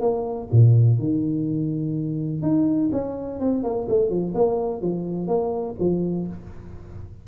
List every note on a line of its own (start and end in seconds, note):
0.00 0.48 A#3
0.51 0.99 A#2
0.99 2.42 D#3
2.42 2.90 D#4
2.92 3.39 C#4
3.39 3.63 C4
3.63 3.87 A#3
3.88 4.09 A3
4.09 4.33 F3
4.34 4.81 A#3
4.81 5.27 F3
5.27 5.75 A#3
5.79 6.27 F3